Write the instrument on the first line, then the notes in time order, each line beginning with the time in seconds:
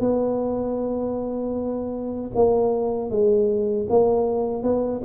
tuba
0.00 B3
2.35 A#3
3.10 G#3
3.89 A#3
4.63 B3